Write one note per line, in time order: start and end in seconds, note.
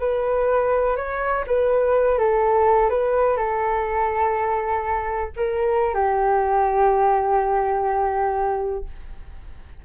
0.00 0.97 B4
0.97 1.45 C#5
1.47 2.19 B4
2.19 2.90 A4
2.90 3.37 B4
3.37 5.30 A4
5.37 5.95 A#4
5.95 8.85 G4